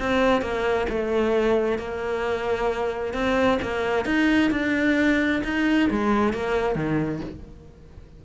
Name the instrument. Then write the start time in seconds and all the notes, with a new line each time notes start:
cello
0.00 C4
0.42 A#3
0.89 A3
1.79 A#3
3.14 C4
3.62 A#3
4.06 D#4
4.51 D4
5.44 D#4
5.90 G#3
6.33 A#3
6.75 D#3